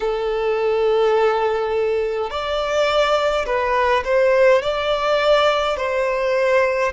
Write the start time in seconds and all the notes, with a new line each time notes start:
0.00 A4
2.30 D5
3.46 B4
4.04 C5
4.62 D5
5.76 C5